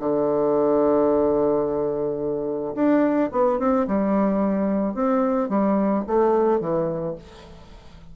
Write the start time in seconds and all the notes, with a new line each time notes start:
0.00 D3
2.75 D4
3.32 B3
3.60 C4
3.88 G3
4.95 C4
5.50 G3
6.08 A3
6.61 E3